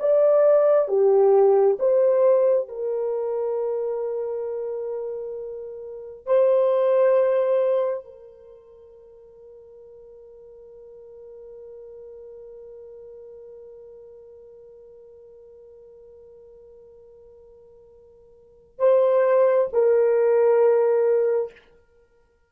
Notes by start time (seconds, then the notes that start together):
0.00 D5
0.88 G4
1.80 C5
2.69 A#4
6.26 C5
8.05 A#4
18.79 C5
19.73 A#4